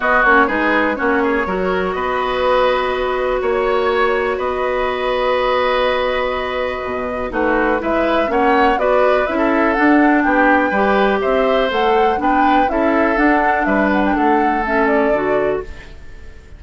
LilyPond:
<<
  \new Staff \with { instrumentName = "flute" } { \time 4/4 \tempo 4 = 123 dis''8 cis''8 b'4 cis''2 | dis''2. cis''4~ | cis''4 dis''2.~ | dis''2. b'4 |
e''4 fis''4 d''4 e''4 | fis''4 g''2 e''4 | fis''4 g''4 e''4 fis''4 | e''8 fis''16 g''16 fis''4 e''8 d''4. | }
  \new Staff \with { instrumentName = "oboe" } { \time 4/4 fis'4 gis'4 fis'8 gis'8 ais'4 | b'2. cis''4~ | cis''4 b'2.~ | b'2. fis'4 |
b'4 cis''4 b'4~ b'16 a'8.~ | a'4 g'4 b'4 c''4~ | c''4 b'4 a'2 | b'4 a'2. | }
  \new Staff \with { instrumentName = "clarinet" } { \time 4/4 b8 cis'8 dis'4 cis'4 fis'4~ | fis'1~ | fis'1~ | fis'2. dis'4 |
e'4 cis'4 fis'4 e'4 | d'2 g'2 | a'4 d'4 e'4 d'4~ | d'2 cis'4 fis'4 | }
  \new Staff \with { instrumentName = "bassoon" } { \time 4/4 b8 ais8 gis4 ais4 fis4 | b2. ais4~ | ais4 b2.~ | b2 b,4 a4 |
gis4 ais4 b4 cis'4 | d'4 b4 g4 c'4 | a4 b4 cis'4 d'4 | g4 a2 d4 | }
>>